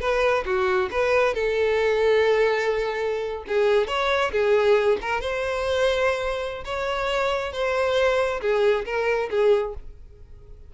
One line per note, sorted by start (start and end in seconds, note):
0.00 0.44 B4
0.45 0.89 F#4
0.90 1.34 B4
1.34 3.44 A4
3.47 3.87 G#4
3.87 4.31 C#5
4.31 4.98 G#4
5.01 5.20 A#4
5.20 6.64 C5
6.64 7.52 C#5
7.52 8.40 C5
8.40 8.85 G#4
8.85 9.29 A#4
9.30 9.74 G#4